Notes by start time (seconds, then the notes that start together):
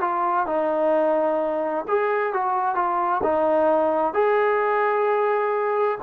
0.00 F4
0.46 D#4
1.88 G#4
2.33 F#4
2.75 F4
3.23 D#4
4.13 G#4